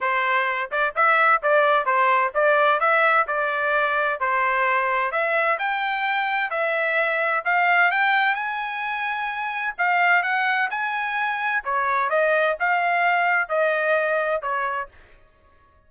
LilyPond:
\new Staff \with { instrumentName = "trumpet" } { \time 4/4 \tempo 4 = 129 c''4. d''8 e''4 d''4 | c''4 d''4 e''4 d''4~ | d''4 c''2 e''4 | g''2 e''2 |
f''4 g''4 gis''2~ | gis''4 f''4 fis''4 gis''4~ | gis''4 cis''4 dis''4 f''4~ | f''4 dis''2 cis''4 | }